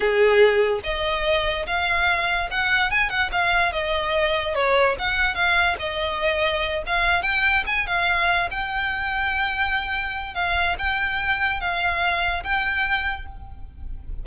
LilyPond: \new Staff \with { instrumentName = "violin" } { \time 4/4 \tempo 4 = 145 gis'2 dis''2 | f''2 fis''4 gis''8 fis''8 | f''4 dis''2 cis''4 | fis''4 f''4 dis''2~ |
dis''8 f''4 g''4 gis''8 f''4~ | f''8 g''2.~ g''8~ | g''4 f''4 g''2 | f''2 g''2 | }